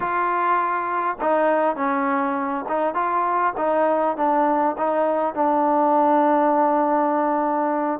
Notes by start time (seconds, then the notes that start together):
0.00 F4
1.21 D#4
1.76 C#4
2.68 D#4
2.94 F4
3.57 D#4
4.16 D4
4.77 D#4
5.34 D4